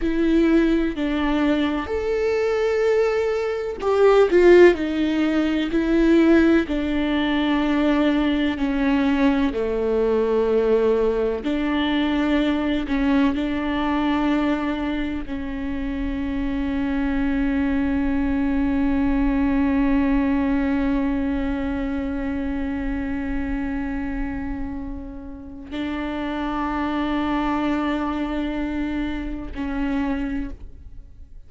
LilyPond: \new Staff \with { instrumentName = "viola" } { \time 4/4 \tempo 4 = 63 e'4 d'4 a'2 | g'8 f'8 dis'4 e'4 d'4~ | d'4 cis'4 a2 | d'4. cis'8 d'2 |
cis'1~ | cis'1~ | cis'2. d'4~ | d'2. cis'4 | }